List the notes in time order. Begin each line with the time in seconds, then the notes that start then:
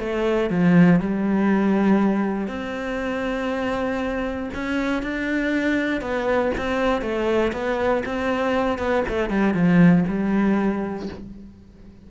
0.00 A3
0.50 F3
1.00 G3
2.48 C4
4.54 C#4
5.03 D4
6.01 B3
6.58 C4
7.02 A3
7.53 B3
8.06 C4
8.79 B3
9.09 A3
9.30 G3
9.54 F3
10.08 G3